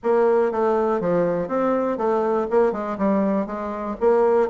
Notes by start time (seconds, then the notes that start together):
0.03 A#3
0.51 A3
1.00 F3
1.47 C4
1.97 A3
2.50 A#3
2.72 G#3
2.98 G3
3.46 G#3
4.00 A#3